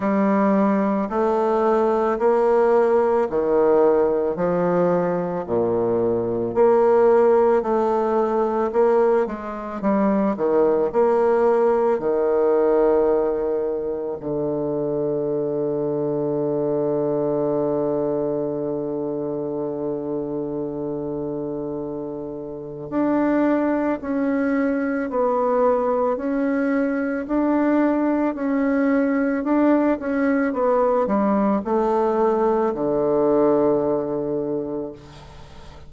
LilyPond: \new Staff \with { instrumentName = "bassoon" } { \time 4/4 \tempo 4 = 55 g4 a4 ais4 dis4 | f4 ais,4 ais4 a4 | ais8 gis8 g8 dis8 ais4 dis4~ | dis4 d2.~ |
d1~ | d4 d'4 cis'4 b4 | cis'4 d'4 cis'4 d'8 cis'8 | b8 g8 a4 d2 | }